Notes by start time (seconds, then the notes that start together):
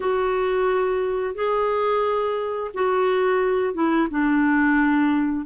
0.00 F#4
1.35 G#4
2.74 F#4
3.73 E4
4.10 D4